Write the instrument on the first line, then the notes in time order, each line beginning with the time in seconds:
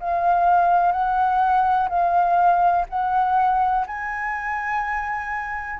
flute
0.00 F5
0.92 F#5
1.89 F5
2.89 F#5
3.87 G#5